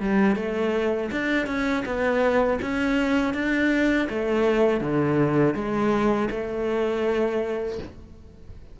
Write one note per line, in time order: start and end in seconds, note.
0.00 0.36 G3
0.36 1.10 A3
1.11 1.46 D4
1.46 1.84 C#4
1.85 2.59 B3
2.62 3.34 C#4
3.34 4.08 D4
4.09 4.80 A3
4.80 5.55 D3
5.55 6.29 G#3
6.31 7.79 A3